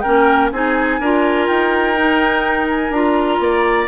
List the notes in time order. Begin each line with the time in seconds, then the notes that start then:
0.00 C#4 A#4 G5
0.07 A#3
0.51 C4 D#4 G#4 G#5
1.00 D4 F4 A#4
1.47 D#4 G5
1.96 D#4
2.69 G#5
2.90 D4 F4 A#5
3.39 A#3 D5